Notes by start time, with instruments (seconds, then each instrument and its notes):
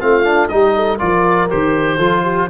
0.00 tuba A3, trombone C4, horn F4, oboe F5
0.24 trombone D4
0.48 tuba G3, trombone D#4, horn G4, oboe D#5
0.75 horn A4
0.99 tuba F3, trombone F4, horn A#4, oboe D5
1.49 tuba D#3, trombone G4, oboe C5
1.97 tuba F3, trombone F4, horn A4
2.23 horn G4